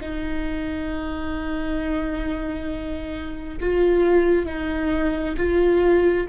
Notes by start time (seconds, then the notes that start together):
0.00 D#4
3.60 F4
4.45 D#4
5.36 F4